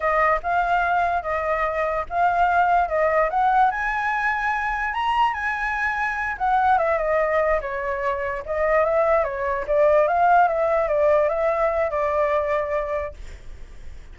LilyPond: \new Staff \with { instrumentName = "flute" } { \time 4/4 \tempo 4 = 146 dis''4 f''2 dis''4~ | dis''4 f''2 dis''4 | fis''4 gis''2. | ais''4 gis''2~ gis''8 fis''8~ |
fis''8 e''8 dis''4. cis''4.~ | cis''8 dis''4 e''4 cis''4 d''8~ | d''8 f''4 e''4 d''4 e''8~ | e''4 d''2. | }